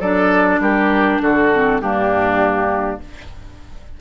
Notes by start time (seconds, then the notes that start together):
0.00 F#3 D4 A4 D5
0.59 G3 G4 A#4
1.22 D3 F#4 A4
1.52 C4
1.81 G2 A#3 D4 G4